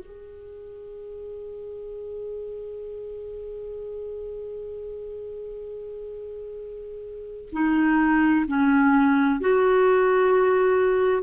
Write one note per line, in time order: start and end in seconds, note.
0.00 7.50 G#4
7.52 8.46 D#4
8.48 9.41 C#4
9.41 11.24 F#4